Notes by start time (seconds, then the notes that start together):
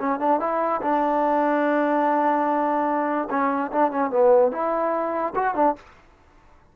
0.00 C#4
0.20 D4
0.40 E4
0.82 D4
3.31 C#4
3.72 D4
3.92 C#4
4.11 B3
4.52 E4
5.36 F#4
5.55 D4